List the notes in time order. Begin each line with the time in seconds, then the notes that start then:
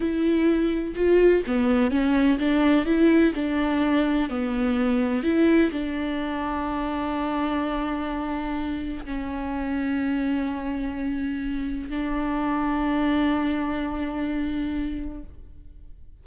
0.00 E4
0.95 F4
1.46 B3
1.90 C#4
2.39 D4
2.85 E4
3.34 D4
4.29 B3
5.23 E4
5.71 D4
9.05 C#4
11.89 D4